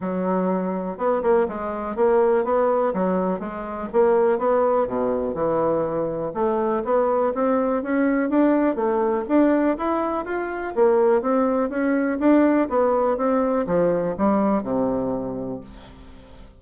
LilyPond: \new Staff \with { instrumentName = "bassoon" } { \time 4/4 \tempo 4 = 123 fis2 b8 ais8 gis4 | ais4 b4 fis4 gis4 | ais4 b4 b,4 e4~ | e4 a4 b4 c'4 |
cis'4 d'4 a4 d'4 | e'4 f'4 ais4 c'4 | cis'4 d'4 b4 c'4 | f4 g4 c2 | }